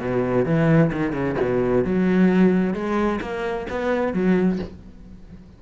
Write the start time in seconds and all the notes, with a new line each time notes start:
0.00 B2
0.46 E3
0.92 D#3
1.13 C#3
1.41 B2
1.85 F#3
2.74 G#3
3.21 A#3
3.70 B3
4.13 F#3